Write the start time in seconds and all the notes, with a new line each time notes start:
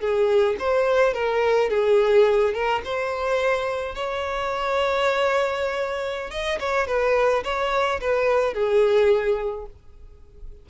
0.00 G#4
0.59 C5
1.14 A#4
1.70 G#4
2.54 A#4
2.84 C5
3.95 C#5
6.30 D#5
6.60 C#5
6.87 B4
7.44 C#5
8.01 B4
8.53 G#4